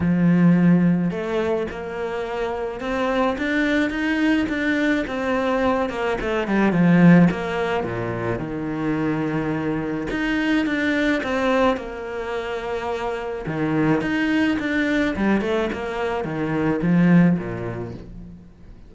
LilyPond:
\new Staff \with { instrumentName = "cello" } { \time 4/4 \tempo 4 = 107 f2 a4 ais4~ | ais4 c'4 d'4 dis'4 | d'4 c'4. ais8 a8 g8 | f4 ais4 ais,4 dis4~ |
dis2 dis'4 d'4 | c'4 ais2. | dis4 dis'4 d'4 g8 a8 | ais4 dis4 f4 ais,4 | }